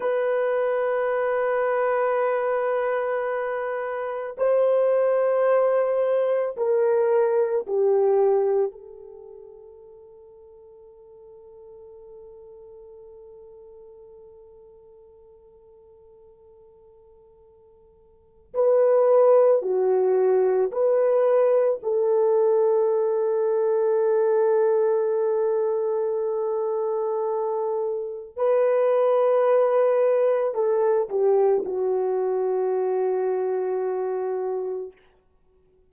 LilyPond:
\new Staff \with { instrumentName = "horn" } { \time 4/4 \tempo 4 = 55 b'1 | c''2 ais'4 g'4 | a'1~ | a'1~ |
a'4 b'4 fis'4 b'4 | a'1~ | a'2 b'2 | a'8 g'8 fis'2. | }